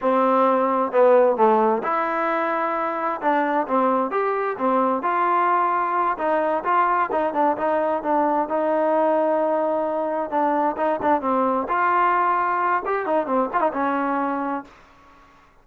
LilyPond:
\new Staff \with { instrumentName = "trombone" } { \time 4/4 \tempo 4 = 131 c'2 b4 a4 | e'2. d'4 | c'4 g'4 c'4 f'4~ | f'4. dis'4 f'4 dis'8 |
d'8 dis'4 d'4 dis'4.~ | dis'2~ dis'8 d'4 dis'8 | d'8 c'4 f'2~ f'8 | g'8 dis'8 c'8 f'16 dis'16 cis'2 | }